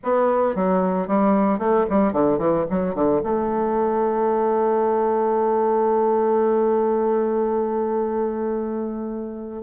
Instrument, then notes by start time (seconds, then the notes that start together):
bassoon
0.03 B3
0.55 F#3
1.07 G3
1.59 A3
1.89 G3
2.12 D3
2.38 E3
2.70 F#3
2.94 D3
3.23 A3